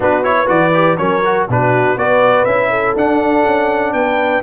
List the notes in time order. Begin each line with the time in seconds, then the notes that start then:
0.00 B3 D4 F#4 B4
0.23 E4 C#5
0.38 B4
0.46 E3 F#4 D5
0.73 G4
0.97 F#3 C#4 A#4 C#5
1.24 F#4
1.48 B2 D4 F#4 B4
1.95 B3 F#4 B4 D5
2.44 C#4 E4 E5
2.70 A4
2.96 D4 F#5
3.45 C#4
3.93 B3 B4 G5